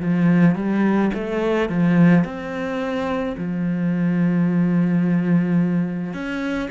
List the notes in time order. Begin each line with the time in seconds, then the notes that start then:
0.00 F3
0.56 G3
1.14 A3
1.69 F3
2.25 C4
3.37 F3
6.14 C#4